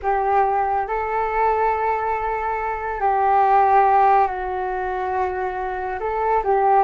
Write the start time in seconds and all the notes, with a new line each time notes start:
0.02 G4
0.87 A4
3.00 G4
4.27 F#4
6.00 A4
6.44 G4